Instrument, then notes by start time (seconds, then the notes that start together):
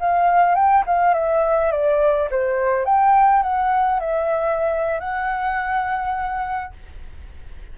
flute
0.00 F5
0.55 G5
0.86 F5
1.14 E5
1.72 D5
2.31 C5
2.85 G5
3.43 F#5
4.00 E5
5.00 F#5